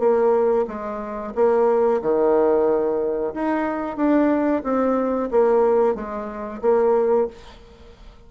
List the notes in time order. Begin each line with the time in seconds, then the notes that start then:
0.00 A#3
0.68 G#3
1.35 A#3
2.02 D#3
3.34 D#4
3.97 D4
4.64 C4
5.31 A#3
5.96 G#3
6.62 A#3